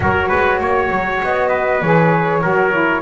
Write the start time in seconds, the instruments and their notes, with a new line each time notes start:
0.00 double bass F#3, saxophone F#4, trumpet A#4, flute C#5
0.28 double bass G#3, trumpet B4
0.59 double bass A#3, trumpet C#5
0.90 double bass F#3
1.23 double bass B3, flute D#5
1.48 trumpet B4
1.81 double bass E3, saxophone G#4, flute C#5
2.41 double bass F#3, saxophone F#4, trumpet A#4
2.71 saxophone E4